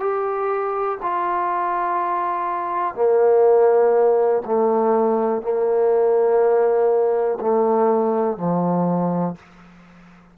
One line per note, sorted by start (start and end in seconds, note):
0.00 0.98 G4
1.02 2.95 F4
2.95 4.43 A#3
4.46 5.42 A3
5.42 7.39 A#3
7.40 8.37 A3
8.37 9.36 F3